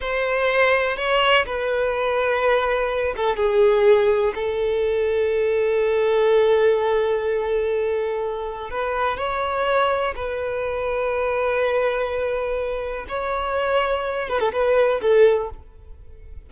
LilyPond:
\new Staff \with { instrumentName = "violin" } { \time 4/4 \tempo 4 = 124 c''2 cis''4 b'4~ | b'2~ b'8 a'8 gis'4~ | gis'4 a'2.~ | a'1~ |
a'2 b'4 cis''4~ | cis''4 b'2.~ | b'2. cis''4~ | cis''4. b'16 a'16 b'4 a'4 | }